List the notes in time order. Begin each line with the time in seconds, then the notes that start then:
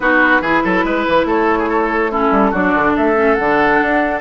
0.00 B3 D#4 F#4 B4
0.41 E3 E4 G#4
0.63 F#3 A4
0.84 G#3 B4
1.07 E3
1.24 A3 A4 C#5
1.58 G#4
1.69 A4
2.11 C#4 E4 A4
2.31 G3
2.51 F#3 D4 F#4 D5
2.74 D3
2.96 A3 A4 E5
3.15 C#4
3.34 D3 D4 F#5
3.81 D4